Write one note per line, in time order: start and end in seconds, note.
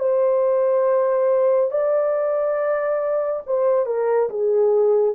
0.00 1.71 C5
1.71 3.42 D5
3.47 3.86 C5
3.86 4.29 A#4
4.30 5.15 G#4